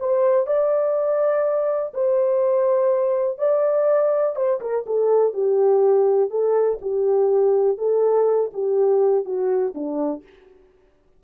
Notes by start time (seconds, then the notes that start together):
0.00 C5
0.47 D5
1.94 C5
3.39 D5
4.36 C5
4.61 A#4
4.86 A4
5.34 G4
6.31 A4
6.82 G4
7.78 A4
8.54 G4
9.25 F#4
9.75 D4